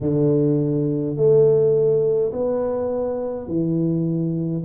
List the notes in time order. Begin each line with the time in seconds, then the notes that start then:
0.01 D3
1.16 A3
2.32 B3
3.47 E3